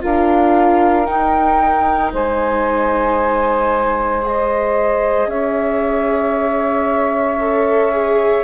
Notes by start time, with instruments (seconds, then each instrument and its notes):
0.00 bassoon D4, viola F4, saxophone A#4, flute F5
1.05 viola D#4, bassoon D#4, flute G5
2.12 bassoon G#3, saxophone C5, flute G#5
4.22 viola G#4, flute D#5
5.26 bassoon C#4, saxophone C#5, flute E5
7.39 viola A4
7.92 viola G#4